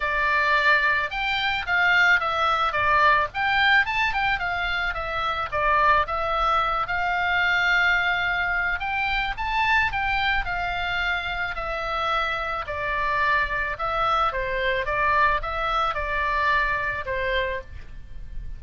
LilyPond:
\new Staff \with { instrumentName = "oboe" } { \time 4/4 \tempo 4 = 109 d''2 g''4 f''4 | e''4 d''4 g''4 a''8 g''8 | f''4 e''4 d''4 e''4~ | e''8 f''2.~ f''8 |
g''4 a''4 g''4 f''4~ | f''4 e''2 d''4~ | d''4 e''4 c''4 d''4 | e''4 d''2 c''4 | }